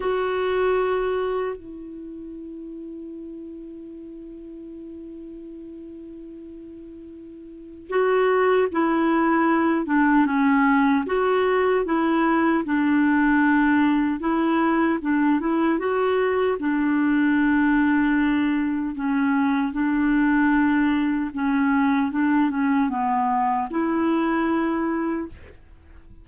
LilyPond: \new Staff \with { instrumentName = "clarinet" } { \time 4/4 \tempo 4 = 76 fis'2 e'2~ | e'1~ | e'2 fis'4 e'4~ | e'8 d'8 cis'4 fis'4 e'4 |
d'2 e'4 d'8 e'8 | fis'4 d'2. | cis'4 d'2 cis'4 | d'8 cis'8 b4 e'2 | }